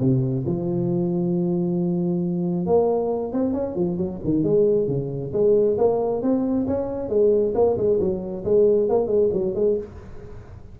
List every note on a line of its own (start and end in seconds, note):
0.00 0.44 C3
0.46 2.66 F3
2.66 3.33 A#3
3.33 3.53 C4
3.53 3.75 C#4
3.75 3.97 F3
3.98 4.20 F#3
4.24 4.43 D#3
4.43 4.87 G#3
4.87 5.32 C#3
5.33 5.77 G#3
5.78 6.22 A#3
6.22 6.67 C4
6.67 7.09 C#4
7.09 7.53 G#3
7.55 7.77 A#3
7.77 8.00 G#3
8.00 8.44 F#3
8.44 8.89 G#3
8.89 9.07 A#3
9.07 9.29 G#3
9.33 9.55 F#3
9.55 9.77 G#3